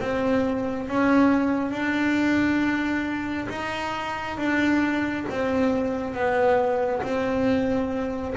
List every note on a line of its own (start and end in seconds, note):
0.00 0.88 C4
0.88 1.71 C#4
1.71 3.48 D4
3.49 4.38 D#4
4.38 5.26 D4
5.30 6.14 C4
6.14 7.03 B3
7.03 8.35 C4